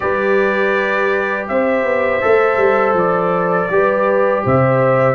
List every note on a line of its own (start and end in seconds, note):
0.00 1.49 G3
0.00 2.21 G4
0.00 1.50 B4
0.00 1.46 D5
1.48 1.84 C4
1.48 3.73 C5
1.48 2.96 E5
1.84 2.21 B3
2.21 2.57 A3
2.21 3.69 A4
2.57 2.93 G3
2.93 3.67 F3
2.93 4.46 D5
3.69 4.43 G3
3.69 5.14 G4
3.69 4.43 B4
4.43 5.14 C3
4.43 5.14 C5
4.43 5.14 E5